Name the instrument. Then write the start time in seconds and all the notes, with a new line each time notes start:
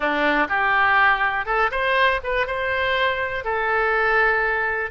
oboe
0.00 D4
0.48 G4
1.45 A4
1.71 C5
2.23 B4
2.46 C5
3.44 A4